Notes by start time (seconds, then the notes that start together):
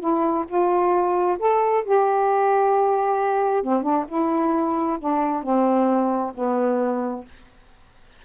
0.00 E4
0.48 F4
1.39 A4
1.85 G4
3.63 C4
3.83 D4
4.08 E4
4.99 D4
5.43 C4
6.35 B3